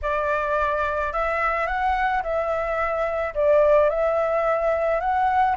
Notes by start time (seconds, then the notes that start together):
0.02 D5
1.12 E5
1.67 F#5
2.22 E5
3.34 D5
3.89 E5
5.00 F#5